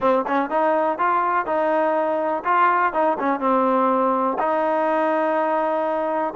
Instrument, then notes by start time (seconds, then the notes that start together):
trombone
0.00 C4
0.27 C#4
0.50 D#4
0.98 F4
1.46 D#4
2.44 F4
2.93 D#4
3.19 C#4
3.40 C4
4.38 D#4